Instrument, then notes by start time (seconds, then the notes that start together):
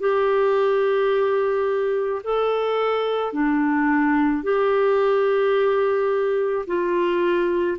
clarinet
0.00 G4
2.24 A4
3.33 D4
4.43 G4
6.67 F4